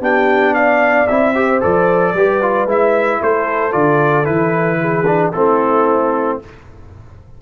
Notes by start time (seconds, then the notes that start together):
0.00 B3 D4 G4 G5
0.54 D5 F5
1.07 C4 E4 E5
1.35 G4 C5
1.61 F3 A4 D5
2.13 G3 G4 B4
2.42 F4
2.66 G#3 E4 E5
3.20 A3 A4 C5
3.72 D3 F4 D5
4.25 E3 E4 B4
4.80 G#4
5.06 D4
5.32 A3 C4 E4 A4